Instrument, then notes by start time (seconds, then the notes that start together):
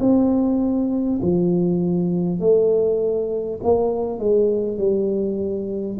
tuba
0.00 C4
1.22 F3
2.39 A3
3.63 A#3
4.19 G#3
4.78 G3